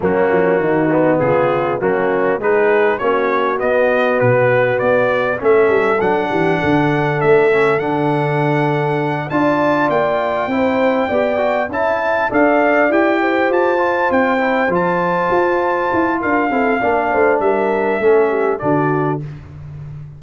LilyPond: <<
  \new Staff \with { instrumentName = "trumpet" } { \time 4/4 \tempo 4 = 100 fis'2 gis'4 fis'4 | b'4 cis''4 dis''4 b'4 | d''4 e''4 fis''2 | e''4 fis''2~ fis''8 a''8~ |
a''8 g''2. a''8~ | a''8 f''4 g''4 a''4 g''8~ | g''8 a''2~ a''8 f''4~ | f''4 e''2 d''4 | }
  \new Staff \with { instrumentName = "horn" } { \time 4/4 cis'4 dis'4 f'4 cis'4 | gis'4 fis'2.~ | fis'4 a'4. g'8 a'4~ | a'2.~ a'8 d''8~ |
d''4. c''4 d''4 e''8~ | e''8 d''4. c''2~ | c''2. ais'8 a'8 | d''8 c''8 ais'4 a'8 g'8 fis'4 | }
  \new Staff \with { instrumentName = "trombone" } { \time 4/4 ais4. b4. ais4 | dis'4 cis'4 b2~ | b4 cis'4 d'2~ | d'8 cis'8 d'2~ d'8 f'8~ |
f'4. e'4 g'8 fis'8 e'8~ | e'8 a'4 g'4. f'4 | e'8 f'2. e'8 | d'2 cis'4 d'4 | }
  \new Staff \with { instrumentName = "tuba" } { \time 4/4 fis8 f8 dis4 cis4 fis4 | gis4 ais4 b4 b,4 | b4 a8 g8 fis8 e8 d4 | a4 d2~ d8 d'8~ |
d'8 ais4 c'4 b4 cis'8~ | cis'8 d'4 e'4 f'4 c'8~ | c'8 f4 f'4 e'8 d'8 c'8 | ais8 a8 g4 a4 d4 | }
>>